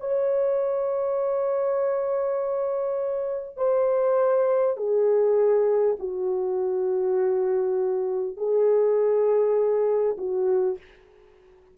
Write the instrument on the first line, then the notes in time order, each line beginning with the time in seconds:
horn
0.00 C#5
3.57 C5
4.77 G#4
5.99 F#4
8.37 G#4
10.18 F#4